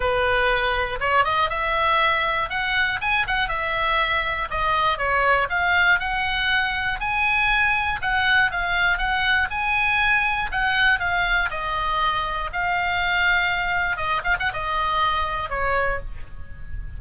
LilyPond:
\new Staff \with { instrumentName = "oboe" } { \time 4/4 \tempo 4 = 120 b'2 cis''8 dis''8 e''4~ | e''4 fis''4 gis''8 fis''8 e''4~ | e''4 dis''4 cis''4 f''4 | fis''2 gis''2 |
fis''4 f''4 fis''4 gis''4~ | gis''4 fis''4 f''4 dis''4~ | dis''4 f''2. | dis''8 f''16 fis''16 dis''2 cis''4 | }